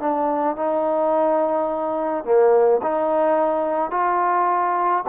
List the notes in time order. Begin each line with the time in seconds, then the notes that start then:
0.00 D4
0.56 D#4
2.24 A#3
2.83 D#4
3.91 F4